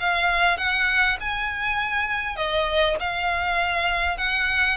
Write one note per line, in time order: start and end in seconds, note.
0.00 0.58 F5
0.58 1.18 F#5
1.21 2.36 G#5
2.36 2.96 D#5
3.00 4.18 F5
4.18 4.77 F#5